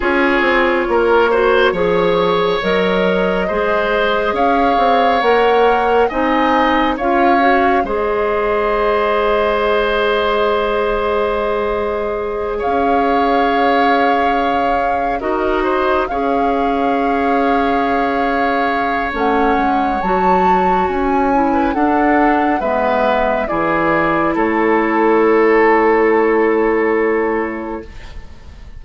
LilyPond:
<<
  \new Staff \with { instrumentName = "flute" } { \time 4/4 \tempo 4 = 69 cis''2. dis''4~ | dis''4 f''4 fis''4 gis''4 | f''4 dis''2.~ | dis''2~ dis''8 f''4.~ |
f''4. dis''4 f''4.~ | f''2 fis''4 a''4 | gis''4 fis''4 e''4 d''4 | cis''1 | }
  \new Staff \with { instrumentName = "oboe" } { \time 4/4 gis'4 ais'8 c''8 cis''2 | c''4 cis''2 dis''4 | cis''4 c''2.~ | c''2~ c''8 cis''4.~ |
cis''4. ais'8 c''8 cis''4.~ | cis''1~ | cis''8. b'16 a'4 b'4 gis'4 | a'1 | }
  \new Staff \with { instrumentName = "clarinet" } { \time 4/4 f'4. fis'8 gis'4 ais'4 | gis'2 ais'4 dis'4 | f'8 fis'8 gis'2.~ | gis'1~ |
gis'4. fis'4 gis'4.~ | gis'2 cis'4 fis'4~ | fis'8 e'8 d'4 b4 e'4~ | e'1 | }
  \new Staff \with { instrumentName = "bassoon" } { \time 4/4 cis'8 c'8 ais4 f4 fis4 | gis4 cis'8 c'8 ais4 c'4 | cis'4 gis2.~ | gis2~ gis8 cis'4.~ |
cis'4. dis'4 cis'4.~ | cis'2 a8 gis8 fis4 | cis'4 d'4 gis4 e4 | a1 | }
>>